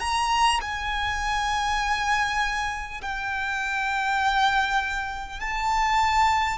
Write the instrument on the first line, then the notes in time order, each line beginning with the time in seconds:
violin
0.00 A#5
0.61 G#5
3.02 G5
5.40 A5